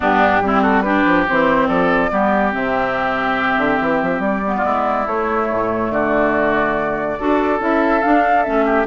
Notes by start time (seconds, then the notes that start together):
0.00 G2 B3 D4 G4
0.41 G3 C4 E4
0.62 F#4 A4
0.81 D4 G4 B4
1.05 F3
1.28 E3 C4 C5
1.67 F3 A4 D5
2.10 G3 B3 G4
2.52 C3 C4 E5
3.57 D3
3.81 E3
4.02 F3
4.19 G3 D5
4.46 B3
4.56 F4
4.64 G#3 E4
5.06 A3 C#5
5.50 A2
5.90 D3 F#4 D5
7.18 D4 F#4 A4
7.59 C#4 E4 E5
8.02 D4 F5
8.42 A3 C#4 E5
8.65 G4